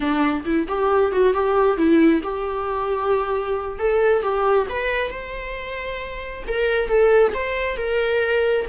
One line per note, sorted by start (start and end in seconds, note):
0.00 0.44 D4
0.45 0.67 E4
0.68 1.12 G4
1.12 1.33 F#4
1.33 1.77 G4
1.77 2.21 E4
2.23 3.78 G4
3.78 4.22 A4
4.22 4.66 G4
4.69 5.10 B4
5.10 6.43 C5
6.47 6.88 A#4
6.88 7.33 A4
7.33 7.76 C5
7.76 8.65 A#4